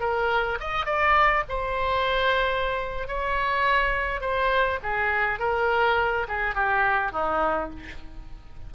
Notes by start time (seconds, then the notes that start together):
0.00 A#4
0.60 D#5
0.85 D5
1.49 C5
3.07 C#5
4.20 C5
4.83 G#4
5.39 A#4
6.28 G#4
6.55 G4
7.12 D#4